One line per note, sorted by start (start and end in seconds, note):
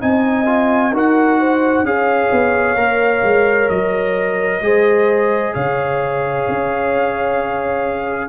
0.00 0.91 C4
0.00 0.46 D#4
0.00 0.94 D#5
0.00 0.93 G#5
0.46 0.92 F4
0.91 1.82 D#4
0.91 1.85 F#4
0.91 1.39 A#4
0.91 1.85 F#5
1.39 1.85 C5
1.82 2.29 C#4
1.82 2.76 G#4
1.82 4.65 C#5
1.82 3.69 F5
2.31 2.75 B3
2.75 3.21 A#3
2.75 4.61 A#4
3.22 3.69 G#3
3.69 4.60 F#3
3.69 5.53 D#5
4.60 5.53 G#3
4.60 8.29 G#4
4.60 5.54 C5
5.54 6.47 C#3
5.54 8.29 C#5
5.54 8.29 F5
6.48 8.29 C#4